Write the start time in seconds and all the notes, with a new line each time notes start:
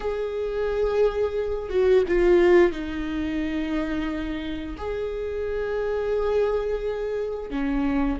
0.00 G#4
1.69 F#4
2.08 F4
2.72 D#4
4.77 G#4
7.50 C#4